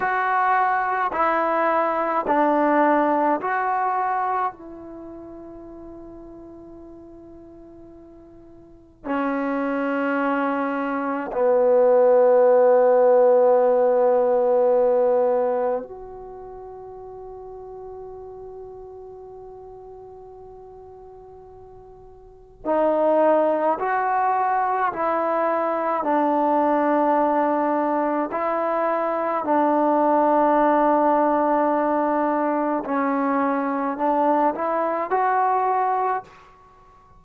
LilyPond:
\new Staff \with { instrumentName = "trombone" } { \time 4/4 \tempo 4 = 53 fis'4 e'4 d'4 fis'4 | e'1 | cis'2 b2~ | b2 fis'2~ |
fis'1 | dis'4 fis'4 e'4 d'4~ | d'4 e'4 d'2~ | d'4 cis'4 d'8 e'8 fis'4 | }